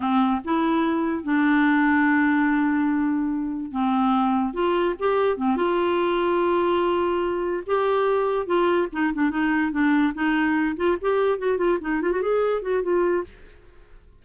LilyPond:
\new Staff \with { instrumentName = "clarinet" } { \time 4/4 \tempo 4 = 145 c'4 e'2 d'4~ | d'1~ | d'4 c'2 f'4 | g'4 c'8 f'2~ f'8~ |
f'2~ f'8 g'4.~ | g'8 f'4 dis'8 d'8 dis'4 d'8~ | d'8 dis'4. f'8 g'4 fis'8 | f'8 dis'8 f'16 fis'16 gis'4 fis'8 f'4 | }